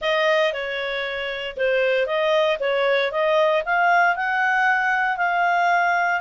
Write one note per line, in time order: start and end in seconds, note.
0.01 0.52 D#5
0.53 1.56 C#5
1.57 2.06 C5
2.06 2.58 D#5
2.59 3.11 C#5
3.11 3.63 D#5
3.65 4.15 F5
4.15 5.17 F#5
5.17 6.20 F5